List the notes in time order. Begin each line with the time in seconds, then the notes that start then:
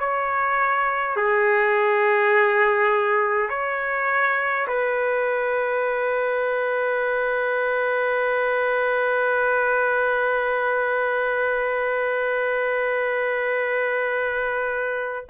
0.00 C#5
1.17 G#4
3.50 C#5
4.68 B4